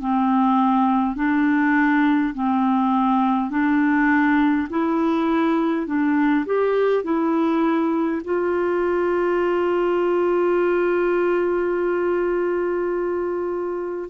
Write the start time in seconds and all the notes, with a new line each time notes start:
0.00 C4
1.16 D4
2.34 C4
3.50 D4
4.70 E4
5.87 D4
6.46 G4
7.04 E4
8.25 F4